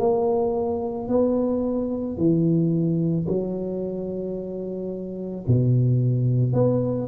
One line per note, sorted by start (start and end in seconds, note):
0.00 1.09 A#3
1.09 2.18 B3
2.18 3.27 E3
3.28 5.46 F#3
5.47 6.54 B2
6.54 7.08 B3